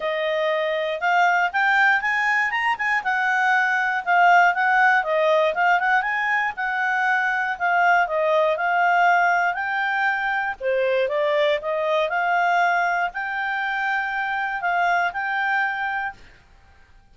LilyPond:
\new Staff \with { instrumentName = "clarinet" } { \time 4/4 \tempo 4 = 119 dis''2 f''4 g''4 | gis''4 ais''8 gis''8 fis''2 | f''4 fis''4 dis''4 f''8 fis''8 | gis''4 fis''2 f''4 |
dis''4 f''2 g''4~ | g''4 c''4 d''4 dis''4 | f''2 g''2~ | g''4 f''4 g''2 | }